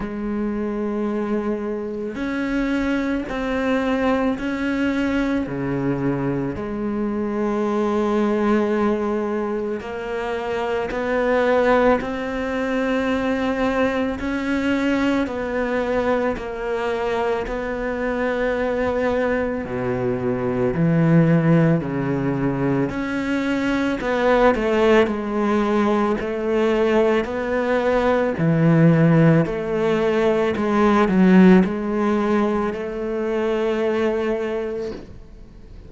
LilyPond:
\new Staff \with { instrumentName = "cello" } { \time 4/4 \tempo 4 = 55 gis2 cis'4 c'4 | cis'4 cis4 gis2~ | gis4 ais4 b4 c'4~ | c'4 cis'4 b4 ais4 |
b2 b,4 e4 | cis4 cis'4 b8 a8 gis4 | a4 b4 e4 a4 | gis8 fis8 gis4 a2 | }